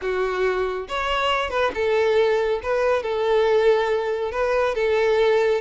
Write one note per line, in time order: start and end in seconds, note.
0.01 0.88 F#4
0.88 1.50 C#5
1.50 1.71 B4
1.74 2.60 A4
2.62 3.02 B4
3.02 4.31 A4
4.31 4.74 B4
4.74 5.61 A4